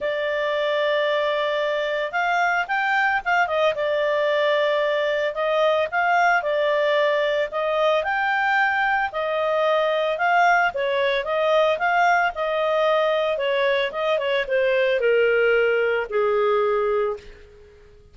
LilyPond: \new Staff \with { instrumentName = "clarinet" } { \time 4/4 \tempo 4 = 112 d''1 | f''4 g''4 f''8 dis''8 d''4~ | d''2 dis''4 f''4 | d''2 dis''4 g''4~ |
g''4 dis''2 f''4 | cis''4 dis''4 f''4 dis''4~ | dis''4 cis''4 dis''8 cis''8 c''4 | ais'2 gis'2 | }